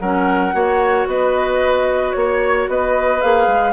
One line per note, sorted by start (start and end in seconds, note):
0.00 0.54 F#3
0.00 0.52 C#4
0.00 0.55 A#4
0.00 1.07 F#5
0.52 1.07 A#3
0.52 3.20 F#4
0.52 1.08 C#5
1.07 2.14 B3
1.07 2.17 B4
1.07 2.12 D#5
2.12 2.68 A#3
2.12 2.66 C#5
2.12 2.70 C#5
2.68 3.22 B3
2.68 3.73 B4
2.68 3.21 D#5
3.21 3.47 A#3
3.21 3.73 G#4
3.21 3.73 F5
3.47 3.73 G#3